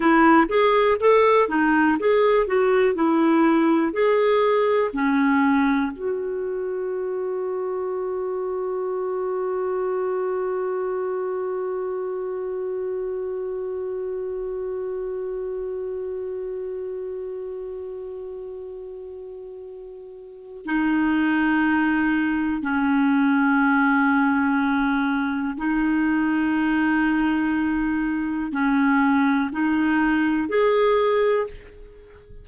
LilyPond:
\new Staff \with { instrumentName = "clarinet" } { \time 4/4 \tempo 4 = 61 e'8 gis'8 a'8 dis'8 gis'8 fis'8 e'4 | gis'4 cis'4 fis'2~ | fis'1~ | fis'1~ |
fis'1~ | fis'4 dis'2 cis'4~ | cis'2 dis'2~ | dis'4 cis'4 dis'4 gis'4 | }